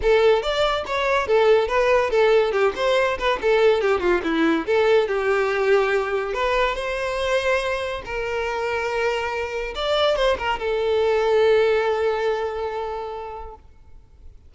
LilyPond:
\new Staff \with { instrumentName = "violin" } { \time 4/4 \tempo 4 = 142 a'4 d''4 cis''4 a'4 | b'4 a'4 g'8 c''4 b'8 | a'4 g'8 f'8 e'4 a'4 | g'2. b'4 |
c''2. ais'4~ | ais'2. d''4 | c''8 ais'8 a'2.~ | a'1 | }